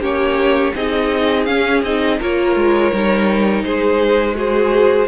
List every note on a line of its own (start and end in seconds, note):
0.00 0.72 A#3
0.00 0.73 C#4
0.00 0.73 G4
0.00 0.75 C#5
0.75 1.47 C4
0.75 1.47 D#4
0.75 2.19 G#4
0.75 1.45 D#5
1.45 1.83 C#4
1.45 1.81 F5
1.83 2.19 C4
1.83 2.20 D#4
1.83 2.20 D#5
2.19 2.55 A#3
2.19 2.93 F4
2.19 3.64 A#4
2.19 3.63 C#5
2.55 2.91 G#3
2.93 3.63 G3
2.93 4.34 D#4
3.63 5.08 G#3
3.63 4.37 G#4
3.63 4.35 C5
4.34 5.07 F#4
4.34 5.08 G#4
4.34 5.08 C5